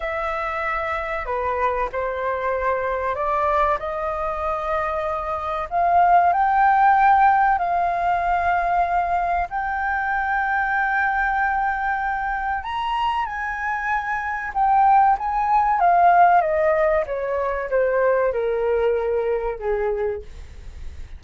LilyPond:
\new Staff \with { instrumentName = "flute" } { \time 4/4 \tempo 4 = 95 e''2 b'4 c''4~ | c''4 d''4 dis''2~ | dis''4 f''4 g''2 | f''2. g''4~ |
g''1 | ais''4 gis''2 g''4 | gis''4 f''4 dis''4 cis''4 | c''4 ais'2 gis'4 | }